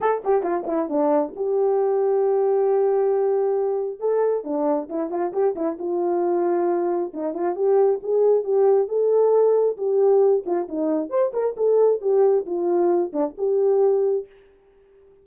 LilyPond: \new Staff \with { instrumentName = "horn" } { \time 4/4 \tempo 4 = 135 a'8 g'8 f'8 e'8 d'4 g'4~ | g'1~ | g'4 a'4 d'4 e'8 f'8 | g'8 e'8 f'2. |
dis'8 f'8 g'4 gis'4 g'4 | a'2 g'4. f'8 | dis'4 c''8 ais'8 a'4 g'4 | f'4. d'8 g'2 | }